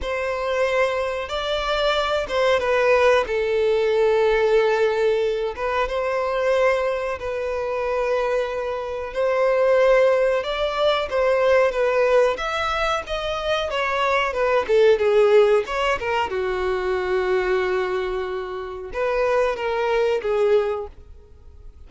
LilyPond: \new Staff \with { instrumentName = "violin" } { \time 4/4 \tempo 4 = 92 c''2 d''4. c''8 | b'4 a'2.~ | a'8 b'8 c''2 b'4~ | b'2 c''2 |
d''4 c''4 b'4 e''4 | dis''4 cis''4 b'8 a'8 gis'4 | cis''8 ais'8 fis'2.~ | fis'4 b'4 ais'4 gis'4 | }